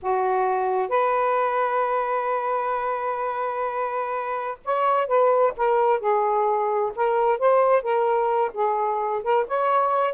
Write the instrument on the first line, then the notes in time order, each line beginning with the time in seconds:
saxophone
0.02 F#4
0.88 B4
4.64 C#5
5.07 B4
5.56 A#4
6.00 G#4
6.95 A#4
7.38 C5
7.82 A#4
8.53 G#4
9.23 A#4
9.47 C#5